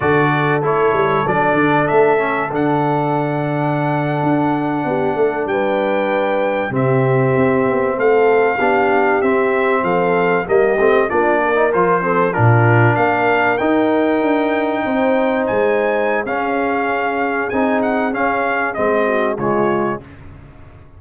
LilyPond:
<<
  \new Staff \with { instrumentName = "trumpet" } { \time 4/4 \tempo 4 = 96 d''4 cis''4 d''4 e''4 | fis''1~ | fis''8. g''2 e''4~ e''16~ | e''8. f''2 e''4 f''16~ |
f''8. dis''4 d''4 c''4 ais'16~ | ais'8. f''4 g''2~ g''16~ | g''8. gis''4~ gis''16 f''2 | gis''8 fis''8 f''4 dis''4 cis''4 | }
  \new Staff \with { instrumentName = "horn" } { \time 4/4 a'1~ | a'2.~ a'8. g'16~ | g'16 a'8 b'2 g'4~ g'16~ | g'8. a'4 g'2 a'16~ |
a'8. g'4 f'8 ais'4 a'8 f'16~ | f'8. ais'2. c''16~ | c''2 gis'2~ | gis'2~ gis'8 fis'8 f'4 | }
  \new Staff \with { instrumentName = "trombone" } { \time 4/4 fis'4 e'4 d'4. cis'8 | d'1~ | d'2~ d'8. c'4~ c'16~ | c'4.~ c'16 d'4 c'4~ c'16~ |
c'8. ais8 c'8 d'8. dis'16 f'8 c'8 d'16~ | d'4.~ d'16 dis'2~ dis'16~ | dis'2 cis'2 | dis'4 cis'4 c'4 gis4 | }
  \new Staff \with { instrumentName = "tuba" } { \time 4/4 d4 a8 g8 fis8 d8 a4 | d2~ d8. d'4 b16~ | b16 a8 g2 c4 c'16~ | c'16 b8 a4 b4 c'4 f16~ |
f8. g8 a8 ais4 f4 ais,16~ | ais,8. ais4 dis'4 d'4 c'16~ | c'8. gis4~ gis16 cis'2 | c'4 cis'4 gis4 cis4 | }
>>